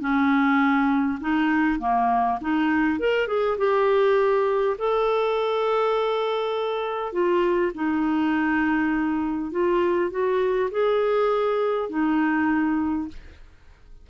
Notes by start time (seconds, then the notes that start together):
0.00 C#4
1.20 D#4
1.79 A#3
2.41 D#4
2.99 A#4
3.28 G#4
3.58 G4
4.78 A4
7.12 F4
7.74 D#4
9.51 F4
10.10 F#4
10.71 G#4
11.89 D#4